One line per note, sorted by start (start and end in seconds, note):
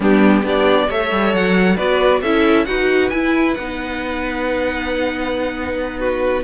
0.00 0.43 G3
0.00 0.44 B3
0.00 0.43 D4
0.00 0.47 G4
0.43 0.87 B3
0.43 0.88 D4
0.43 0.87 G4
0.43 0.91 D5
0.87 1.11 A3
0.87 1.77 A4
0.87 1.76 C#5
0.87 1.35 E5
1.11 1.33 G3
1.33 1.77 F#3
1.33 1.76 F#5
1.76 2.22 B3
1.76 2.22 F#4
1.76 2.20 B4
1.76 2.21 D5
2.22 2.66 C#4
2.22 2.66 E4
2.22 2.66 A4
2.22 2.65 E5
2.65 3.11 D#4
2.65 3.10 F#4
2.65 5.99 B4
2.65 3.09 F#5
3.09 3.56 E4
3.09 3.57 E4
3.09 3.54 G#5
3.54 6.43 B3
3.54 6.43 D#4
3.54 5.98 F#5
5.99 6.43 F#4
5.99 6.43 B4